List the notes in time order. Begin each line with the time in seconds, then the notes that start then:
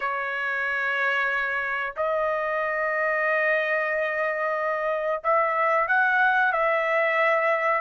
0.00 C#5
1.96 D#5
5.23 E5
5.87 F#5
6.52 E5